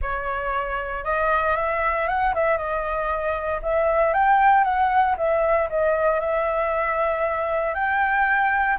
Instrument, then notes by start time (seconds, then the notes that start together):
flute
0.01 C#5
1.04 D#5
1.56 E5
2.08 F#5
2.34 E5
2.57 D#5
3.62 E5
4.13 G5
4.63 F#5
5.17 E5
5.69 D#5
6.20 E5
7.74 G5